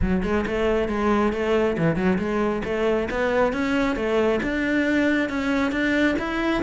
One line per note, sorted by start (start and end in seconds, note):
0.01 0.23 F#3
0.23 0.45 G#3
0.46 0.88 A3
0.88 1.32 G#3
1.32 1.76 A3
1.77 1.96 E3
1.96 2.18 F#3
2.18 2.62 G#3
2.64 3.08 A3
3.10 3.52 B3
3.52 3.95 C#4
3.95 4.40 A3
4.42 5.29 D4
5.29 5.71 C#4
5.71 6.15 D4
6.18 6.63 E4